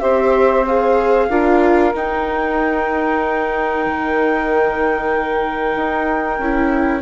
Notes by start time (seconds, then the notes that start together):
0.00 C4 G4 C5 E5
0.66 G#4 F5
1.29 D4 F4 A#4
1.94 D#4 G5
3.85 D#3
5.75 D#4
6.38 C#4 E4